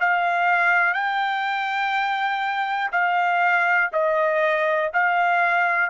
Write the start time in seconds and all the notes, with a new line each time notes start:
0.00 F5
0.94 G5
2.92 F5
3.93 D#5
4.93 F5